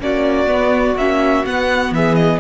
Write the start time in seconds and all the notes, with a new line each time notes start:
0.00 A#3 C#4 F#4 D5
0.47 B3
0.96 A#3 C#4 E5
1.46 B3 F#5
1.91 E3 G#4 E5
2.15 D#5